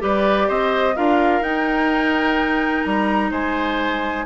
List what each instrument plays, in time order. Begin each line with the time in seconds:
0.00 bassoon G3, clarinet G4, oboe B4
0.06 flute D5
0.48 bassoon C4, oboe C5, flute D#5
0.96 bassoon D4, clarinet F4, oboe A#4, flute F5
1.41 bassoon D#4, clarinet D#4, flute G5
2.84 bassoon G3, flute A#5
3.31 bassoon G#3, oboe C5, flute G#5